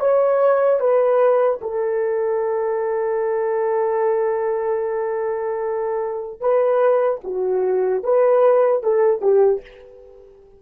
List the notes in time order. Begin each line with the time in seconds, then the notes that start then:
0.00 C#5
0.80 B4
1.62 A4
6.41 B4
7.24 F#4
8.04 B4
8.83 A4
9.22 G4